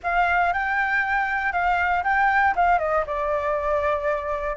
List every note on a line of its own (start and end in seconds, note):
0.03 0.53 F5
0.53 1.52 G5
1.52 2.03 F5
2.03 2.54 G5
2.55 2.79 F5
2.79 3.04 D#5
3.06 4.56 D5